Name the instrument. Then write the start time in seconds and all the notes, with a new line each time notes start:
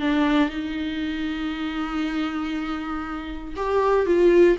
viola
0.00 D4
0.49 D#4
3.56 G4
4.06 F4